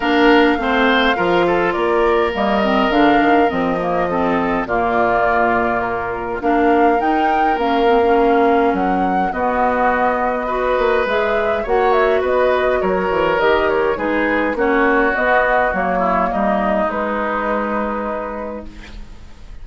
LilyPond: <<
  \new Staff \with { instrumentName = "flute" } { \time 4/4 \tempo 4 = 103 f''2. d''4 | dis''4 f''4 dis''2 | d''2 ais'4 f''4 | g''4 f''2 fis''4 |
dis''2. e''4 | fis''8 e''8 dis''4 cis''4 dis''8 cis''8 | b'4 cis''4 dis''4 cis''4 | dis''4 b'2. | }
  \new Staff \with { instrumentName = "oboe" } { \time 4/4 ais'4 c''4 ais'8 a'8 ais'4~ | ais'2. a'4 | f'2. ais'4~ | ais'1 |
fis'2 b'2 | cis''4 b'4 ais'2 | gis'4 fis'2~ fis'8 e'8 | dis'1 | }
  \new Staff \with { instrumentName = "clarinet" } { \time 4/4 d'4 c'4 f'2 | ais8 c'8 d'4 c'8 ais8 c'4 | ais2. d'4 | dis'4 cis'8 c'16 cis'2~ cis'16 |
b2 fis'4 gis'4 | fis'2. g'4 | dis'4 cis'4 b4 ais4~ | ais4 gis2. | }
  \new Staff \with { instrumentName = "bassoon" } { \time 4/4 ais4 a4 f4 ais4 | g4 d8 dis8 f2 | ais,2. ais4 | dis'4 ais2 fis4 |
b2~ b8 ais8 gis4 | ais4 b4 fis8 e8 dis4 | gis4 ais4 b4 fis4 | g4 gis2. | }
>>